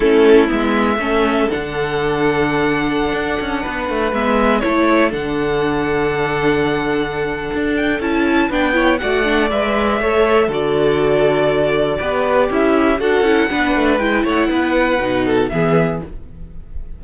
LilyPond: <<
  \new Staff \with { instrumentName = "violin" } { \time 4/4 \tempo 4 = 120 a'4 e''2 fis''4~ | fis''1~ | fis''16 e''4 cis''4 fis''4.~ fis''16~ | fis''2.~ fis''8 g''8 |
a''4 g''4 fis''4 e''4~ | e''4 d''2.~ | d''4 e''4 fis''2 | g''8 fis''2~ fis''8 e''4 | }
  \new Staff \with { instrumentName = "violin" } { \time 4/4 e'2 a'2~ | a'2.~ a'16 b'8.~ | b'4~ b'16 a'2~ a'8.~ | a'1~ |
a'4 b'8 cis''8 d''2 | cis''4 a'2. | b'4 e'4 a'4 b'4~ | b'8 cis''8 b'4. a'8 gis'4 | }
  \new Staff \with { instrumentName = "viola" } { \time 4/4 cis'4 b4 cis'4 d'4~ | d'1~ | d'16 b4 e'4 d'4.~ d'16~ | d'1 |
e'4 d'8 e'8 fis'8 d'8 b'4 | a'4 fis'2. | g'2 fis'8 e'8 d'4 | e'2 dis'4 b4 | }
  \new Staff \with { instrumentName = "cello" } { \time 4/4 a4 gis4 a4 d4~ | d2~ d16 d'8 cis'8 b8 a16~ | a16 gis4 a4 d4.~ d16~ | d2. d'4 |
cis'4 b4 a4 gis4 | a4 d2. | b4 cis'4 d'8 cis'8 b8 a8 | gis8 a8 b4 b,4 e4 | }
>>